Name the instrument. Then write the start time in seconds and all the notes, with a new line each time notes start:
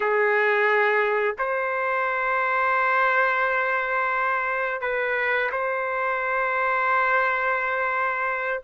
trumpet
0.00 G#4
1.38 C5
4.81 B4
5.51 C5